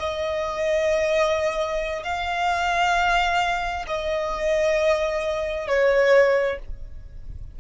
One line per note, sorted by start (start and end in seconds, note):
0.00 2.04 D#5
2.04 3.86 F5
3.88 5.68 D#5
5.68 6.59 C#5